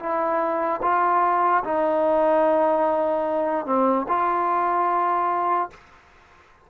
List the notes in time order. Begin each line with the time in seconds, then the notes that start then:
0.00 E4
0.83 F4
1.64 D#4
3.66 C4
4.08 F4